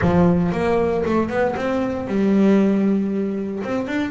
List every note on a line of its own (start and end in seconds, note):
0.01 0.51 F3
0.51 1.03 A#3
1.05 1.29 A3
1.29 1.54 B3
1.56 2.07 C4
2.07 3.62 G3
3.63 3.87 C4
3.87 4.11 D4